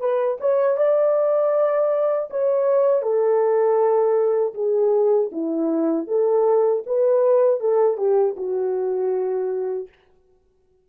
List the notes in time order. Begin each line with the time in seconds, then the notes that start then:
0.00 B4
0.41 C#5
0.77 D5
2.31 C#5
3.02 A4
4.54 G#4
5.32 E4
6.08 A4
6.87 B4
7.61 A4
7.98 G4
8.37 F#4